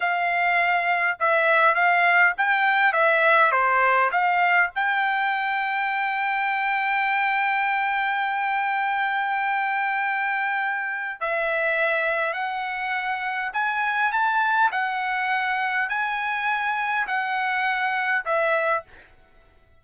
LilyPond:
\new Staff \with { instrumentName = "trumpet" } { \time 4/4 \tempo 4 = 102 f''2 e''4 f''4 | g''4 e''4 c''4 f''4 | g''1~ | g''1~ |
g''2. e''4~ | e''4 fis''2 gis''4 | a''4 fis''2 gis''4~ | gis''4 fis''2 e''4 | }